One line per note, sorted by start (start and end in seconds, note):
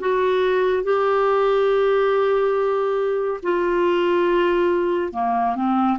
0.00 0.83 F#4
0.83 3.41 G4
3.43 5.12 F4
5.12 5.55 A#3
5.55 5.98 C4